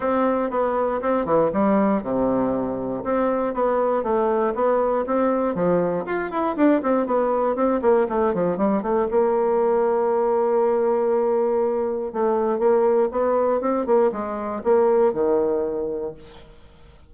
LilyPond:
\new Staff \with { instrumentName = "bassoon" } { \time 4/4 \tempo 4 = 119 c'4 b4 c'8 e8 g4 | c2 c'4 b4 | a4 b4 c'4 f4 | f'8 e'8 d'8 c'8 b4 c'8 ais8 |
a8 f8 g8 a8 ais2~ | ais1 | a4 ais4 b4 c'8 ais8 | gis4 ais4 dis2 | }